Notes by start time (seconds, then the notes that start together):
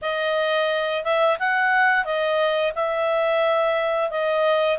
0.01 D#5
1.04 E5
1.39 F#5
2.04 D#5
2.75 E5
4.10 D#5